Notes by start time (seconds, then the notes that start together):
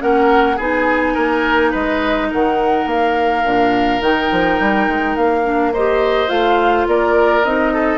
0.00 A#3 C#4 A#4 F#5
0.56 B3 D#4 G#4 G#5
1.14 A#3 A#4
1.71 G#3 B4 D#5
2.30 D#3 A#4 F#5
2.86 A#3 F5
3.44 A#2 D4
4.01 D#3 D#4 G5
4.32 F3
4.60 G3
4.88 G#3
5.16 A#3 F5
5.44 D4
5.73 G4 C5 D#5
6.28 A3 F4 F5
6.87 A#3 A#4 D5
7.44 C4 D#4 D#5
7.73 A4